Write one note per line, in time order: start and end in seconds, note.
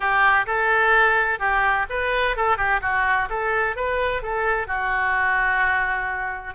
0.00 0.46 G4
0.46 1.39 A4
1.39 1.86 G4
1.89 2.36 B4
2.36 2.57 A4
2.57 2.80 G4
2.81 3.28 F#4
3.29 3.76 A4
3.76 4.22 B4
4.22 4.67 A4
4.67 6.54 F#4